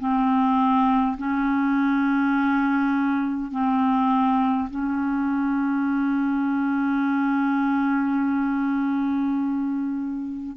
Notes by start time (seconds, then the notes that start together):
0.00 C4
1.18 C#4
3.52 C4
4.71 C#4